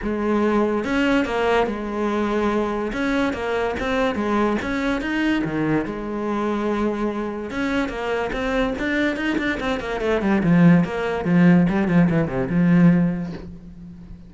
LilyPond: \new Staff \with { instrumentName = "cello" } { \time 4/4 \tempo 4 = 144 gis2 cis'4 ais4 | gis2. cis'4 | ais4 c'4 gis4 cis'4 | dis'4 dis4 gis2~ |
gis2 cis'4 ais4 | c'4 d'4 dis'8 d'8 c'8 ais8 | a8 g8 f4 ais4 f4 | g8 f8 e8 c8 f2 | }